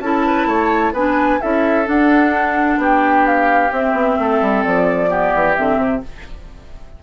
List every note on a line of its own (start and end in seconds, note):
0.00 0.46 C#4
0.00 0.95 E4
0.00 0.26 A4
0.00 0.93 A5
0.26 0.47 B4
0.46 0.92 A3
0.46 0.93 C#5
0.93 1.39 B3
0.93 1.41 D4
0.93 1.39 B4
0.93 1.41 G#5
1.41 1.88 C#4
1.41 1.85 E4
1.41 2.80 A4
1.41 1.87 E5
1.85 3.70 D4
1.85 2.77 D4
1.85 2.80 F#5
2.77 3.70 B3
2.77 4.18 G4
2.77 3.27 G5
3.27 3.73 F5
3.71 5.08 C4
3.71 3.93 C4
3.71 4.64 E5
3.93 4.16 B3
4.19 4.41 A3
4.19 5.10 A4
4.41 4.64 G3
4.64 5.34 F3
4.64 5.55 D5
5.08 5.54 B3
5.08 6.02 G4
5.34 5.57 E3
5.55 5.77 D3
5.55 6.03 C4
5.55 6.02 E5
5.77 6.00 C3